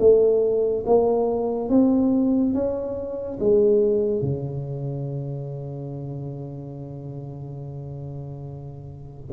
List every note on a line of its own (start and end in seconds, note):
0.00 0.85 A3
0.86 1.70 A#3
1.70 2.54 C4
2.54 3.39 C#4
3.40 4.22 G#3
4.22 9.29 C#3